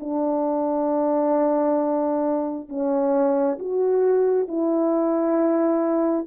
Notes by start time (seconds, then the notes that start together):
0.00 D4
2.69 C#4
3.59 F#4
4.48 E4